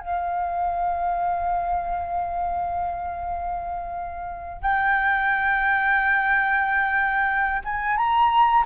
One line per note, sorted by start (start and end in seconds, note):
0.00 4.62 F5
4.62 7.62 G5
7.65 7.97 G#5
7.97 8.64 A#5